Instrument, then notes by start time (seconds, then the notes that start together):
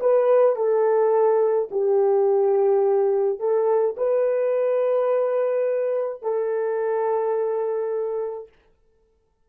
horn
0.00 B4
0.56 A4
1.71 G4
3.39 A4
3.97 B4
6.22 A4